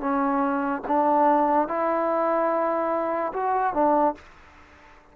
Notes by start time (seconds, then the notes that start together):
0.00 C#4
0.88 D4
1.68 E4
3.33 F#4
3.74 D4